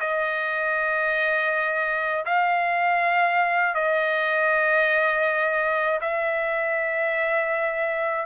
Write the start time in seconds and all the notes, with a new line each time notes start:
0.00 D#5
2.25 F5
3.75 D#5
6.01 E5